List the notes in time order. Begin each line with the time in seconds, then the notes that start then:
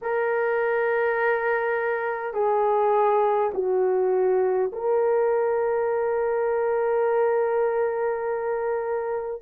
0.01 A#4
2.33 G#4
3.53 F#4
4.72 A#4